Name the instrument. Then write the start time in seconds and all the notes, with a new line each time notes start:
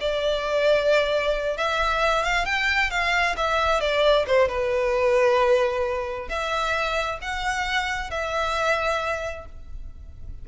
violin
0.00 D5
1.57 E5
2.23 F5
2.45 G5
2.90 F5
3.36 E5
3.80 D5
4.26 C5
4.48 B4
6.28 E5
7.21 F#5
8.10 E5